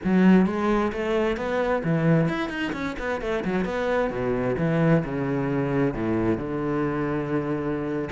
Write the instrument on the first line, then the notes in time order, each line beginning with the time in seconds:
cello
0.04 F#3
0.46 G#3
0.92 A3
1.36 B3
1.84 E3
2.28 E4
2.49 D#4
2.73 C#4
2.99 B3
3.21 A3
3.44 F#3
3.64 B3
4.10 B2
4.58 E3
5.05 C#3
5.93 A2
6.37 D3